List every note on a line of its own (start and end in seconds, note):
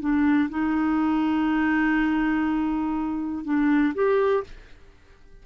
0.00 0.49 D4
0.50 3.44 D#4
3.44 3.93 D4
3.95 4.44 G4